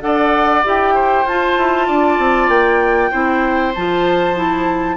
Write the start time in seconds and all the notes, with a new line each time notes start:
0.00 D4 A4 D5 F#5
0.64 E4 G4 G5
0.94 C5
1.24 F4 A5
1.57 E4
1.87 D4 D5
2.18 C4
2.48 A#3 G5
3.11 C4 E4 C5
3.74 F3 F4 A5
4.35 E4